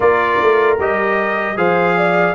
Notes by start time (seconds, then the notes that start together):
0.00 A#3 F4 A#4 D5
0.39 A3
0.78 G3 G4 D#5
1.56 F3 G#4 C5 F5
1.96 D5